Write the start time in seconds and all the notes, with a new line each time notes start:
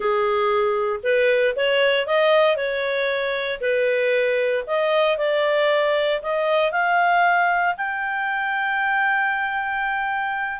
0.00 G#4
1.03 B4
1.56 C#5
2.06 D#5
2.56 C#5
3.60 B4
4.66 D#5
5.17 D5
6.21 D#5
6.71 F5
7.77 G5